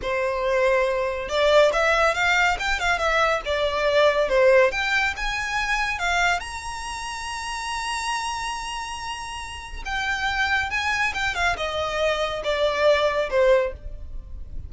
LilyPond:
\new Staff \with { instrumentName = "violin" } { \time 4/4 \tempo 4 = 140 c''2. d''4 | e''4 f''4 g''8 f''8 e''4 | d''2 c''4 g''4 | gis''2 f''4 ais''4~ |
ais''1~ | ais''2. g''4~ | g''4 gis''4 g''8 f''8 dis''4~ | dis''4 d''2 c''4 | }